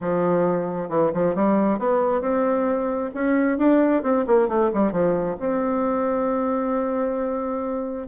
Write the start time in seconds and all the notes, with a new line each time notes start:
0.00 F3
0.89 E3
1.13 F3
1.35 G3
1.78 B3
2.21 C4
3.14 C#4
3.58 D4
4.02 C4
4.26 A#3
4.48 A3
4.73 G3
4.91 F3
5.39 C4